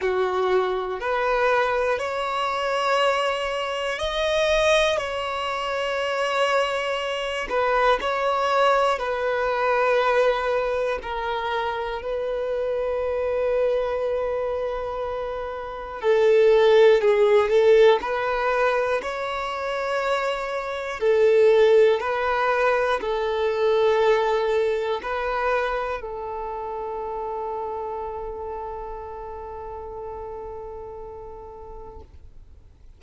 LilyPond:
\new Staff \with { instrumentName = "violin" } { \time 4/4 \tempo 4 = 60 fis'4 b'4 cis''2 | dis''4 cis''2~ cis''8 b'8 | cis''4 b'2 ais'4 | b'1 |
a'4 gis'8 a'8 b'4 cis''4~ | cis''4 a'4 b'4 a'4~ | a'4 b'4 a'2~ | a'1 | }